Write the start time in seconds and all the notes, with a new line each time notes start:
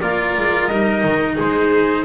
0.00 A#3 F4 A#4 D5
0.37 G#3
0.67 G3 D#4 D#5
1.04 D#3
1.35 G#3 G#4 C5